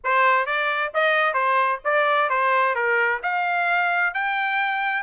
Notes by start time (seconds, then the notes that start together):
0.04 C5
0.45 D5
0.94 D#5
1.33 C5
1.84 D5
2.29 C5
2.75 A#4
3.22 F5
4.14 G5